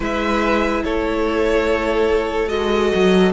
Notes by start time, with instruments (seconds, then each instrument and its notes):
0.00 cello G#3, viola E4, violin B4 E5
0.84 cello A3, violin A4 C#5
2.48 cello G#3, viola F#4, violin D#5
2.94 cello F#3